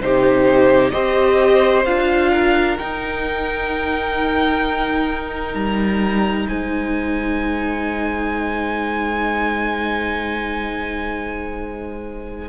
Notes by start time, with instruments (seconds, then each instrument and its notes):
0.00 cello C3, viola D#4, violin G4 C5
0.91 cello C4, viola G4, violin C5 D#5
1.85 cello D4, viola F4, violin F5
2.33 violin A#4
2.79 viola D#4, cello D#4, violin G5
5.55 cello G3, violin A#5
6.49 cello G#3, violin C5 G#5